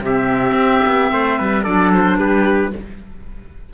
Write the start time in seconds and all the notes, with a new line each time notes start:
0.00 C3 C4 G4 E5
0.52 C4
0.85 B3
1.11 A3 C5
1.38 G3 B4
1.63 F#3 D4 A4 D5
1.93 C5
2.17 G3 G4 B4